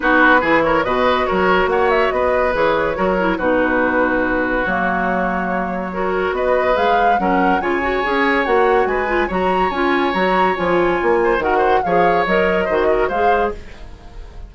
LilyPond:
<<
  \new Staff \with { instrumentName = "flute" } { \time 4/4 \tempo 4 = 142 b'4. cis''8 dis''4 cis''4 | fis''8 e''8 dis''4 cis''2 | b'2. cis''4~ | cis''2. dis''4 |
f''4 fis''4 gis''2 | fis''4 gis''4 ais''4 gis''4 | ais''4 gis''2 fis''4 | f''4 dis''2 f''4 | }
  \new Staff \with { instrumentName = "oboe" } { \time 4/4 fis'4 gis'8 ais'8 b'4 ais'4 | cis''4 b'2 ais'4 | fis'1~ | fis'2 ais'4 b'4~ |
b'4 ais'4 cis''2~ | cis''4 b'4 cis''2~ | cis''2~ cis''8 c''8 ais'8 c''8 | cis''2 c''8 ais'8 c''4 | }
  \new Staff \with { instrumentName = "clarinet" } { \time 4/4 dis'4 e'4 fis'2~ | fis'2 gis'4 fis'8 e'8 | dis'2. ais4~ | ais2 fis'2 |
gis'4 cis'4 f'8 fis'8 gis'4 | fis'4. f'8 fis'4 f'4 | fis'4 f'2 fis'4 | gis'4 ais'4 fis'4 gis'4 | }
  \new Staff \with { instrumentName = "bassoon" } { \time 4/4 b4 e4 b,4 fis4 | ais4 b4 e4 fis4 | b,2. fis4~ | fis2. b4 |
gis4 fis4 cis4 cis'4 | ais4 gis4 fis4 cis'4 | fis4 f4 ais4 dis4 | f4 fis4 dis4 gis4 | }
>>